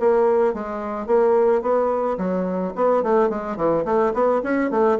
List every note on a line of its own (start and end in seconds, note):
0.00 0.54 A#3
0.54 1.07 G#3
1.07 1.62 A#3
1.62 2.18 B3
2.18 2.74 F#3
2.76 3.04 B3
3.04 3.30 A3
3.30 3.57 G#3
3.57 3.85 E3
3.85 4.13 A3
4.14 4.42 B3
4.44 4.71 C#4
4.71 4.99 A3